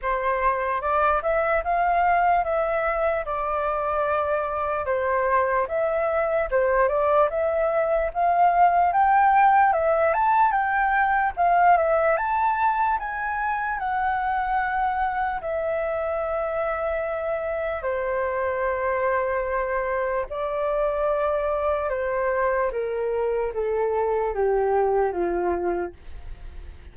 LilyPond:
\new Staff \with { instrumentName = "flute" } { \time 4/4 \tempo 4 = 74 c''4 d''8 e''8 f''4 e''4 | d''2 c''4 e''4 | c''8 d''8 e''4 f''4 g''4 | e''8 a''8 g''4 f''8 e''8 a''4 |
gis''4 fis''2 e''4~ | e''2 c''2~ | c''4 d''2 c''4 | ais'4 a'4 g'4 f'4 | }